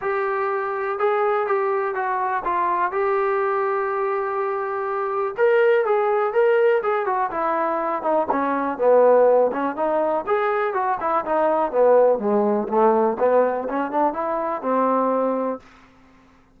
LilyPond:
\new Staff \with { instrumentName = "trombone" } { \time 4/4 \tempo 4 = 123 g'2 gis'4 g'4 | fis'4 f'4 g'2~ | g'2. ais'4 | gis'4 ais'4 gis'8 fis'8 e'4~ |
e'8 dis'8 cis'4 b4. cis'8 | dis'4 gis'4 fis'8 e'8 dis'4 | b4 gis4 a4 b4 | cis'8 d'8 e'4 c'2 | }